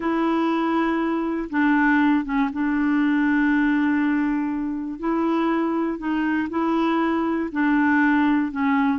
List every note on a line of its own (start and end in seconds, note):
0.00 1.49 E4
1.50 2.24 D4
2.24 2.49 C#4
2.52 4.99 D4
4.99 5.98 E4
5.98 6.48 D#4
6.49 7.49 E4
7.51 8.51 D4
8.51 8.98 C#4